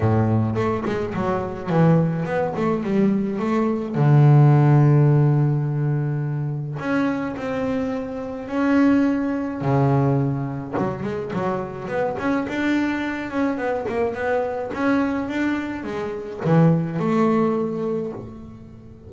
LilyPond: \new Staff \with { instrumentName = "double bass" } { \time 4/4 \tempo 4 = 106 a,4 a8 gis8 fis4 e4 | b8 a8 g4 a4 d4~ | d1 | cis'4 c'2 cis'4~ |
cis'4 cis2 fis8 gis8 | fis4 b8 cis'8 d'4. cis'8 | b8 ais8 b4 cis'4 d'4 | gis4 e4 a2 | }